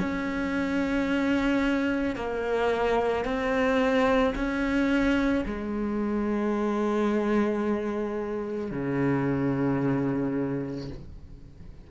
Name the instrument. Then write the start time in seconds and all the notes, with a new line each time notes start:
cello
0.00 C#4
2.16 A#3
3.25 C4
4.35 C#4
5.45 G#3
8.71 C#3